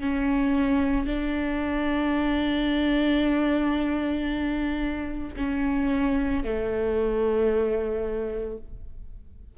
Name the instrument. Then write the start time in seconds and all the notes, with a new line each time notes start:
viola
0.00 C#4
1.06 D4
5.36 C#4
6.43 A3